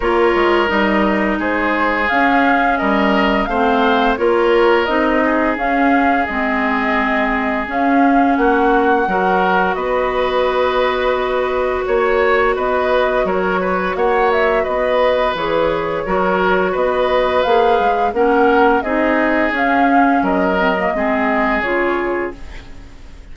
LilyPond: <<
  \new Staff \with { instrumentName = "flute" } { \time 4/4 \tempo 4 = 86 cis''4 dis''4 c''4 f''4 | dis''4 f''4 cis''4 dis''4 | f''4 dis''2 f''4 | fis''2 dis''2~ |
dis''4 cis''4 dis''4 cis''4 | fis''8 e''8 dis''4 cis''2 | dis''4 f''4 fis''4 dis''4 | f''4 dis''2 cis''4 | }
  \new Staff \with { instrumentName = "oboe" } { \time 4/4 ais'2 gis'2 | ais'4 c''4 ais'4. gis'8~ | gis'1 | fis'4 ais'4 b'2~ |
b'4 cis''4 b'4 ais'8 b'8 | cis''4 b'2 ais'4 | b'2 ais'4 gis'4~ | gis'4 ais'4 gis'2 | }
  \new Staff \with { instrumentName = "clarinet" } { \time 4/4 f'4 dis'2 cis'4~ | cis'4 c'4 f'4 dis'4 | cis'4 c'2 cis'4~ | cis'4 fis'2.~ |
fis'1~ | fis'2 gis'4 fis'4~ | fis'4 gis'4 cis'4 dis'4 | cis'4. c'16 ais16 c'4 f'4 | }
  \new Staff \with { instrumentName = "bassoon" } { \time 4/4 ais8 gis8 g4 gis4 cis'4 | g4 a4 ais4 c'4 | cis'4 gis2 cis'4 | ais4 fis4 b2~ |
b4 ais4 b4 fis4 | ais4 b4 e4 fis4 | b4 ais8 gis8 ais4 c'4 | cis'4 fis4 gis4 cis4 | }
>>